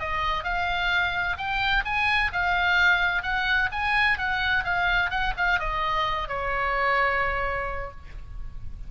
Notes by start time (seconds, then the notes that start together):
0.00 D#5
0.44 F5
1.37 G5
1.85 G#5
2.33 F5
3.23 F#5
3.72 G#5
4.18 F#5
4.64 F5
5.10 F#5
5.37 F5
5.59 D#5
6.28 C#5